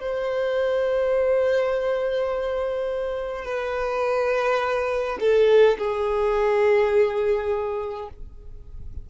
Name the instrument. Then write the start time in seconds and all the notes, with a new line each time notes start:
violin
0.00 C5
3.45 B4
5.20 A4
5.78 G#4